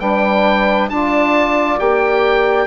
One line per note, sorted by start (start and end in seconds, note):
0.00 0.90 G3
0.00 0.91 D4
0.00 0.90 B4
0.00 0.90 G5
0.90 1.79 D4
0.90 1.79 F4
0.90 2.67 D5
0.90 1.79 A5
1.79 2.67 A#3
1.79 2.67 G4
1.79 2.67 G5